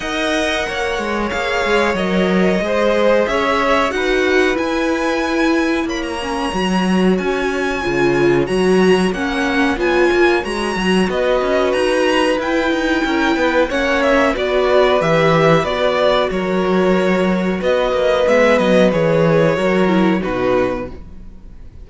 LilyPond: <<
  \new Staff \with { instrumentName = "violin" } { \time 4/4 \tempo 4 = 92 fis''2 f''4 dis''4~ | dis''4 e''4 fis''4 gis''4~ | gis''4 b''16 ais''4.~ ais''16 gis''4~ | gis''4 ais''4 fis''4 gis''4 |
ais''4 dis''4 ais''4 g''4~ | g''4 fis''8 e''8 d''4 e''4 | d''4 cis''2 dis''4 | e''8 dis''8 cis''2 b'4 | }
  \new Staff \with { instrumentName = "violin" } { \time 4/4 dis''4 cis''2. | c''4 cis''4 b'2~ | b'4 cis''2.~ | cis''1~ |
cis''4 b'2. | ais'8 b'8 cis''4 b'2~ | b'4 ais'2 b'4~ | b'2 ais'4 fis'4 | }
  \new Staff \with { instrumentName = "viola" } { \time 4/4 ais'2 gis'4 ais'4 | gis'2 fis'4 e'4~ | e'4. cis'8 fis'2 | f'4 fis'4 cis'4 f'4 |
fis'2. e'4~ | e'4 cis'4 fis'4 g'4 | fis'1 | b4 gis'4 fis'8 e'8 dis'4 | }
  \new Staff \with { instrumentName = "cello" } { \time 4/4 dis'4 ais8 gis8 ais8 gis8 fis4 | gis4 cis'4 dis'4 e'4~ | e'4 ais4 fis4 cis'4 | cis4 fis4 ais4 b8 ais8 |
gis8 fis8 b8 cis'8 dis'4 e'8 dis'8 | cis'8 b8 ais4 b4 e4 | b4 fis2 b8 ais8 | gis8 fis8 e4 fis4 b,4 | }
>>